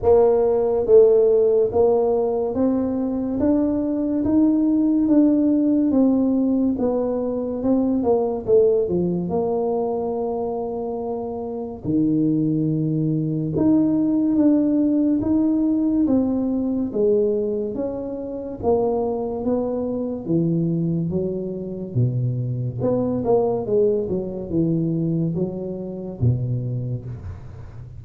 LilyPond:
\new Staff \with { instrumentName = "tuba" } { \time 4/4 \tempo 4 = 71 ais4 a4 ais4 c'4 | d'4 dis'4 d'4 c'4 | b4 c'8 ais8 a8 f8 ais4~ | ais2 dis2 |
dis'4 d'4 dis'4 c'4 | gis4 cis'4 ais4 b4 | e4 fis4 b,4 b8 ais8 | gis8 fis8 e4 fis4 b,4 | }